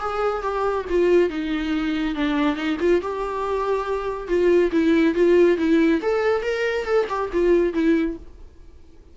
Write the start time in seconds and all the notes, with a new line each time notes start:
0.00 G#4
0.42 G4
0.89 F4
1.30 D#4
2.15 D4
2.56 D#4
2.80 F4
3.02 G4
4.28 F4
4.72 E4
5.15 F4
5.58 E4
6.02 A4
6.42 A#4
6.85 A4
7.09 G4
7.33 F4
7.74 E4